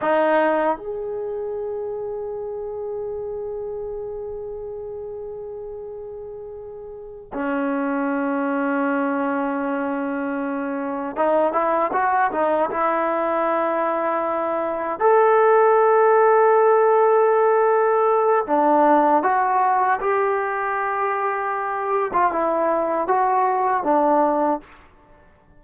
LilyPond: \new Staff \with { instrumentName = "trombone" } { \time 4/4 \tempo 4 = 78 dis'4 gis'2.~ | gis'1~ | gis'4. cis'2~ cis'8~ | cis'2~ cis'8 dis'8 e'8 fis'8 |
dis'8 e'2. a'8~ | a'1 | d'4 fis'4 g'2~ | g'8. f'16 e'4 fis'4 d'4 | }